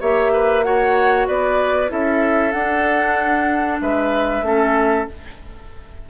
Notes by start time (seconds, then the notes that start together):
0.00 A#3 G4 C#5 E5
0.33 B4
0.63 F#4 C#5 F#5
1.27 B3 B4 D5
1.88 C#4 E4 A4 E5
2.52 D4 F#5
3.81 G#3 B4 E5
4.42 A3 C#4 A4